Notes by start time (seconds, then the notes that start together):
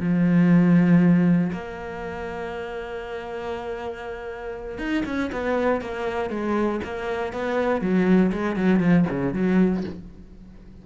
0.00 F3
1.52 A#3
4.78 D#4
5.06 C#4
5.32 B3
5.81 A#3
6.30 G#3
6.84 A#3
7.33 B3
7.81 F#3
8.32 G#3
8.56 F#3
8.80 F3
9.09 C#3
9.33 F#3